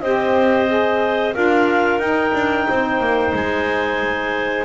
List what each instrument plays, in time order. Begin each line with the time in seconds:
0.00 double bass C4, saxophone G4, clarinet C5 D#5
0.67 saxophone G#4
1.33 double bass D4, saxophone F4, clarinet A#4 F5
1.99 double bass D#4, saxophone D#4, clarinet G5
2.34 double bass D4
2.68 double bass C4, clarinet C5
3.00 double bass A#3
3.33 double bass G#3, clarinet G#5